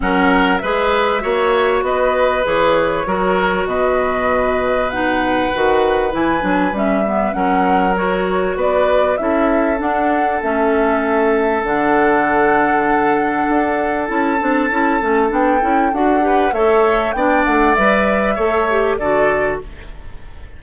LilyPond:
<<
  \new Staff \with { instrumentName = "flute" } { \time 4/4 \tempo 4 = 98 fis''4 e''2 dis''4 | cis''2 dis''2 | fis''2 gis''4 e''4 | fis''4 cis''4 d''4 e''4 |
fis''4 e''2 fis''4~ | fis''2. a''4~ | a''4 g''4 fis''4 e''4 | g''8 fis''8 e''2 d''4 | }
  \new Staff \with { instrumentName = "oboe" } { \time 4/4 ais'4 b'4 cis''4 b'4~ | b'4 ais'4 b'2~ | b'1 | ais'2 b'4 a'4~ |
a'1~ | a'1~ | a'2~ a'8 b'8 cis''4 | d''2 cis''4 a'4 | }
  \new Staff \with { instrumentName = "clarinet" } { \time 4/4 cis'4 gis'4 fis'2 | gis'4 fis'2. | dis'4 fis'4 e'8 d'8 cis'8 b8 | cis'4 fis'2 e'4 |
d'4 cis'2 d'4~ | d'2. e'8 d'8 | e'8 cis'8 d'8 e'8 fis'8 g'8 a'4 | d'4 b'4 a'8 g'8 fis'4 | }
  \new Staff \with { instrumentName = "bassoon" } { \time 4/4 fis4 gis4 ais4 b4 | e4 fis4 b,2~ | b,4 dis4 e8 fis8 g4 | fis2 b4 cis'4 |
d'4 a2 d4~ | d2 d'4 cis'8 c'8 | cis'8 a8 b8 cis'8 d'4 a4 | b8 a8 g4 a4 d4 | }
>>